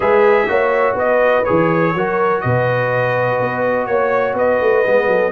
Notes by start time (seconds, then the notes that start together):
0.00 G#3 G#4 B4 E5
0.47 A#3 F#4 C#5
0.94 B3 B4 D#5
1.44 E3 G#4 C#5
1.94 F#3 F#4 A#4
2.40 B2 B4 D#5
3.40 B3
3.86 A#3 C#5
4.33 B3 B4 D#5
4.60 A3
4.85 G#3 B3
5.07 F#3 A4